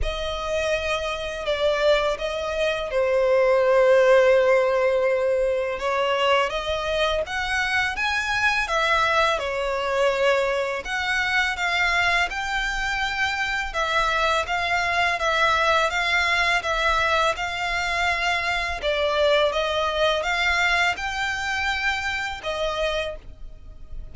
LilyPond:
\new Staff \with { instrumentName = "violin" } { \time 4/4 \tempo 4 = 83 dis''2 d''4 dis''4 | c''1 | cis''4 dis''4 fis''4 gis''4 | e''4 cis''2 fis''4 |
f''4 g''2 e''4 | f''4 e''4 f''4 e''4 | f''2 d''4 dis''4 | f''4 g''2 dis''4 | }